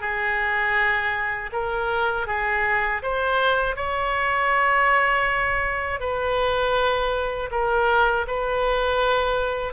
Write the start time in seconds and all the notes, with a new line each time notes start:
0.00 G#4
1.52 A#4
2.26 G#4
3.02 C5
3.76 C#5
5.99 B4
7.51 A#4
8.27 B4